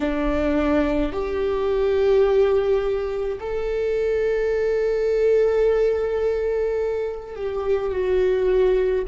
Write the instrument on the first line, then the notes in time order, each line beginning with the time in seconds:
viola
0.00 D4
1.12 G4
3.40 A4
7.35 G4
7.91 F#4